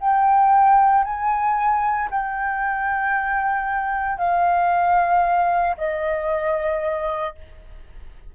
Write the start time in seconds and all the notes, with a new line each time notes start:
0.00 G5
1.03 G#5
2.11 G5
4.18 F5
5.77 D#5